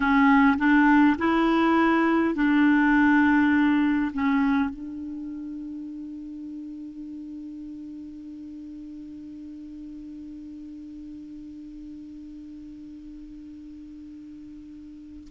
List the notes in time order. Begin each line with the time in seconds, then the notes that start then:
0.00 C#4
0.57 D4
1.18 E4
2.35 D4
4.13 C#4
4.70 D4